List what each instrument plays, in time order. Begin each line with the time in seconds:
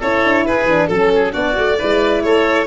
0.00 tuba C#4, horn E4, oboe A4, violin C#5
0.23 tuba D4
0.46 tuba E4, oboe G#4, violin B4
0.65 tuba E3, horn D4
0.87 tuba F#3, horn C#4, violin A4, oboe A4
1.15 oboe G#4
1.32 tuba B3, horn D4, oboe F#4, violin D5
1.53 tuba A3, horn F#4
1.78 tuba G#3, horn E4, oboe B4
2.23 tuba A3, oboe A4, violin C#5